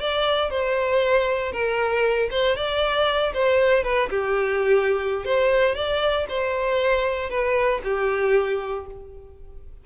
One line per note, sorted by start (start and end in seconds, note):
0.00 0.50 D5
0.50 1.52 C5
1.52 2.29 A#4
2.31 2.56 C5
2.56 3.33 D5
3.34 3.83 C5
3.83 4.09 B4
4.10 5.25 G4
5.25 5.75 C5
5.75 6.26 D5
6.29 7.30 C5
7.30 7.81 B4
7.84 8.86 G4